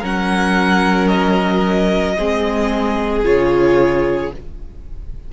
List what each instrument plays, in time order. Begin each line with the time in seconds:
0.00 cello F#3, viola C#4, violin A#4 F#5
1.08 violin D#5
2.17 cello G#3, viola C4, violin G#4
3.24 cello C#3, viola F4, violin C#5